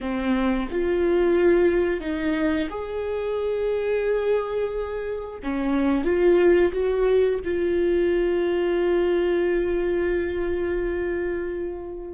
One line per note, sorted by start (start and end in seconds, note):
0.00 0.68 C4
0.71 2.00 F4
2.00 2.68 D#4
2.70 5.39 G#4
5.43 6.04 C#4
6.04 6.71 F4
6.72 7.39 F#4
7.44 12.13 F4